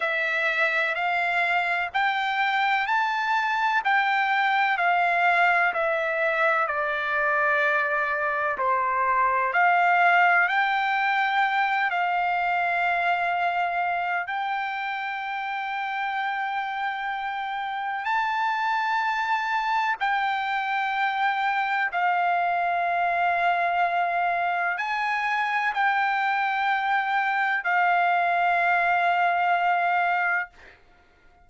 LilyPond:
\new Staff \with { instrumentName = "trumpet" } { \time 4/4 \tempo 4 = 63 e''4 f''4 g''4 a''4 | g''4 f''4 e''4 d''4~ | d''4 c''4 f''4 g''4~ | g''8 f''2~ f''8 g''4~ |
g''2. a''4~ | a''4 g''2 f''4~ | f''2 gis''4 g''4~ | g''4 f''2. | }